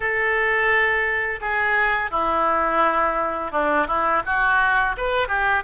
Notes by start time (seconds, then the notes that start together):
0.00 A4
1.41 G#4
2.10 E4
3.51 D4
3.87 E4
4.25 F#4
4.97 B4
5.27 G4